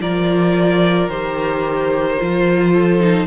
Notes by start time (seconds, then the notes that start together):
0.00 F3 F4 A#4 D5
1.09 D#3 G4 C5
2.19 F3 F4
2.73 A4
3.00 D#4